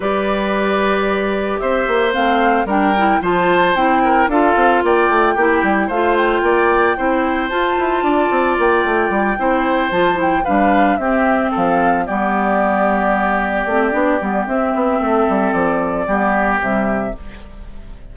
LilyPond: <<
  \new Staff \with { instrumentName = "flute" } { \time 4/4 \tempo 4 = 112 d''2. e''4 | f''4 g''4 a''4 g''4 | f''4 g''2 f''8 g''8~ | g''2 a''2 |
g''2~ g''8 a''8 g''8 f''8~ | f''8 e''4 f''4 d''4.~ | d''2. e''4~ | e''4 d''2 e''4 | }
  \new Staff \with { instrumentName = "oboe" } { \time 4/4 b'2. c''4~ | c''4 ais'4 c''4. ais'8 | a'4 d''4 g'4 c''4 | d''4 c''2 d''4~ |
d''4. c''2 b'8~ | b'8 g'4 a'4 g'4.~ | g'1 | a'2 g'2 | }
  \new Staff \with { instrumentName = "clarinet" } { \time 4/4 g'1 | c'4 d'8 e'8 f'4 e'4 | f'2 e'4 f'4~ | f'4 e'4 f'2~ |
f'4. e'4 f'8 e'8 d'8~ | d'8 c'2 b4.~ | b4. c'8 d'8 b8 c'4~ | c'2 b4 g4 | }
  \new Staff \with { instrumentName = "bassoon" } { \time 4/4 g2. c'8 ais8 | a4 g4 f4 c'4 | d'8 c'8 ais8 a8 ais8 g8 a4 | ais4 c'4 f'8 e'8 d'8 c'8 |
ais8 a8 g8 c'4 f4 g8~ | g8 c'4 f4 g4.~ | g4. a8 b8 g8 c'8 b8 | a8 g8 f4 g4 c4 | }
>>